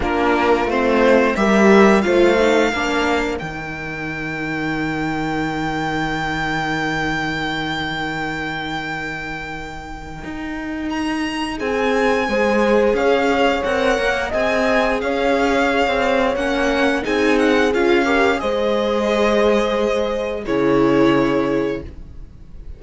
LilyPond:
<<
  \new Staff \with { instrumentName = "violin" } { \time 4/4 \tempo 4 = 88 ais'4 c''4 e''4 f''4~ | f''4 g''2.~ | g''1~ | g''1 |
ais''4 gis''2 f''4 | fis''4 gis''4 f''2 | fis''4 gis''8 fis''8 f''4 dis''4~ | dis''2 cis''2 | }
  \new Staff \with { instrumentName = "horn" } { \time 4/4 f'2 ais'4 c''4 | ais'1~ | ais'1~ | ais'1~ |
ais'4 gis'4 c''4 cis''4~ | cis''4 dis''4 cis''2~ | cis''4 gis'4. ais'8 c''4~ | c''2 gis'2 | }
  \new Staff \with { instrumentName = "viola" } { \time 4/4 d'4 c'4 g'4 f'8 dis'8 | d'4 dis'2.~ | dis'1~ | dis'1~ |
dis'2 gis'2 | ais'4 gis'2. | cis'4 dis'4 f'8 g'8 gis'4~ | gis'2 e'2 | }
  \new Staff \with { instrumentName = "cello" } { \time 4/4 ais4 a4 g4 a4 | ais4 dis2.~ | dis1~ | dis2. dis'4~ |
dis'4 c'4 gis4 cis'4 | c'8 ais8 c'4 cis'4~ cis'16 c'8. | ais4 c'4 cis'4 gis4~ | gis2 cis2 | }
>>